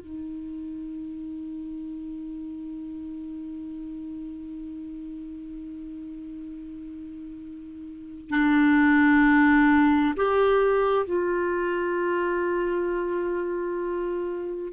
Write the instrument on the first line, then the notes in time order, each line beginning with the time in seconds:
clarinet
0.00 D#4
8.30 D4
10.17 G4
11.05 F4